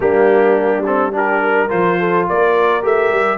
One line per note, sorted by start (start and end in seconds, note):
0.00 1.69 G3
0.00 0.82 A#3
0.00 1.14 D4
0.00 0.85 G4
0.86 1.12 C4
0.86 1.14 A4
1.12 1.68 D4
1.12 1.42 G4
1.12 1.70 A#4
1.43 1.99 A#4
1.68 2.28 F3
1.68 2.81 F4
1.68 2.26 C5
1.99 2.27 A4
2.28 2.83 A#3
2.28 3.37 A#4
2.28 2.85 D5
2.81 3.10 A3
2.81 3.37 G4
2.81 3.37 E5
3.10 3.37 G3